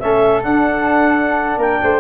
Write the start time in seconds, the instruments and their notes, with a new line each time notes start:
0.00 tuba A3, trombone C#4, flute A4, clarinet E5
0.43 trombone D4, tuba D4, clarinet F#5
1.58 tuba A#3, flute A#4, clarinet G5
1.83 tuba A3, flute C5